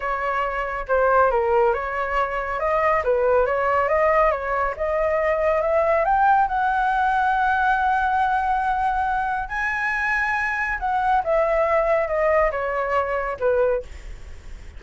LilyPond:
\new Staff \with { instrumentName = "flute" } { \time 4/4 \tempo 4 = 139 cis''2 c''4 ais'4 | cis''2 dis''4 b'4 | cis''4 dis''4 cis''4 dis''4~ | dis''4 e''4 g''4 fis''4~ |
fis''1~ | fis''2 gis''2~ | gis''4 fis''4 e''2 | dis''4 cis''2 b'4 | }